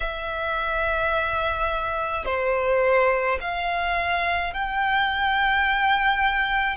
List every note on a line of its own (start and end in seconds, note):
0.00 2.25 E5
2.25 3.38 C5
3.40 4.53 F5
4.53 6.76 G5